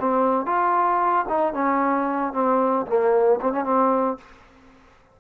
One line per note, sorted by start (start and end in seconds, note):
0.00 0.46 C4
0.46 1.26 F4
1.28 1.53 D#4
1.53 2.33 C#4
2.33 2.86 C4
2.86 3.40 A#3
3.41 3.53 C4
3.53 3.64 C#4
3.64 4.17 C4